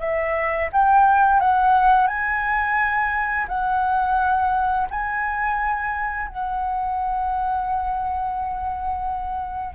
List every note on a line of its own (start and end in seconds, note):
0.00 0.69 E5
0.72 1.40 G5
1.40 2.07 F#5
2.07 3.47 G#5
3.48 4.87 F#5
4.90 6.28 G#5
6.28 9.75 F#5